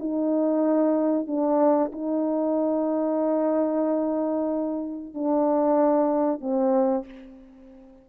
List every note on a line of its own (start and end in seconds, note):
0.00 1.27 D#4
1.27 1.92 D4
1.93 5.15 D#4
5.15 6.41 D4
6.41 7.05 C4